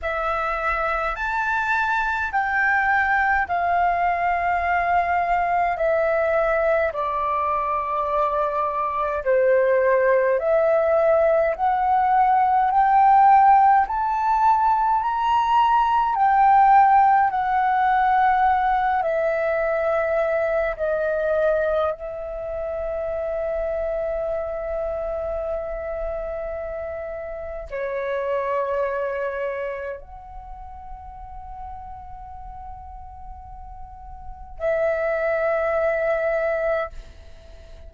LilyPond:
\new Staff \with { instrumentName = "flute" } { \time 4/4 \tempo 4 = 52 e''4 a''4 g''4 f''4~ | f''4 e''4 d''2 | c''4 e''4 fis''4 g''4 | a''4 ais''4 g''4 fis''4~ |
fis''8 e''4. dis''4 e''4~ | e''1 | cis''2 fis''2~ | fis''2 e''2 | }